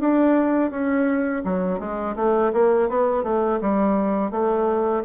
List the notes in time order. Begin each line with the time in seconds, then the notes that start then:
0.00 D4
0.71 C#4
1.44 F#3
1.80 G#3
2.16 A3
2.53 A#3
2.89 B3
3.23 A3
3.61 G3
4.31 A3